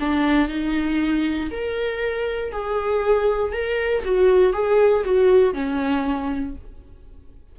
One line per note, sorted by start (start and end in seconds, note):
0.00 0.48 D4
0.48 1.50 D#4
1.51 2.52 A#4
2.52 3.52 G#4
3.52 4.03 A#4
4.04 4.53 F#4
4.53 5.04 G#4
5.05 5.54 F#4
5.54 6.55 C#4